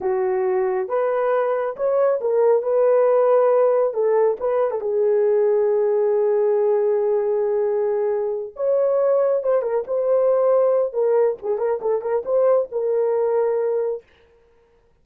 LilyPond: \new Staff \with { instrumentName = "horn" } { \time 4/4 \tempo 4 = 137 fis'2 b'2 | cis''4 ais'4 b'2~ | b'4 a'4 b'8. a'16 gis'4~ | gis'1~ |
gis'2.~ gis'8 cis''8~ | cis''4. c''8 ais'8 c''4.~ | c''4 ais'4 gis'8 ais'8 a'8 ais'8 | c''4 ais'2. | }